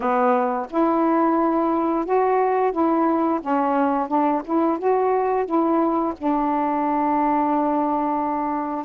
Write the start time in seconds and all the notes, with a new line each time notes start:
0.00 B3
0.70 E4
2.05 F#4
2.71 E4
3.41 C#4
4.08 D4
4.44 E4
4.78 F#4
5.45 E4
6.17 D4